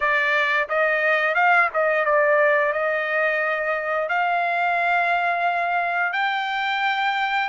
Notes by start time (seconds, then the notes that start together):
0.00 D5
0.68 D#5
1.35 F5
1.73 D#5
2.05 D5
2.73 D#5
4.08 F5
6.12 G5